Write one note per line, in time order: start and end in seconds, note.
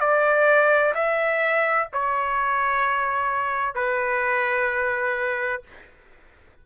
0.00 0.94 D5
0.95 1.88 E5
1.93 3.75 C#5
3.75 5.62 B4